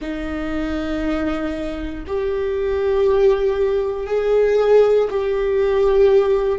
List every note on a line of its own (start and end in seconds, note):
0.00 2.04 D#4
2.06 4.07 G4
4.07 5.08 G#4
5.10 6.58 G4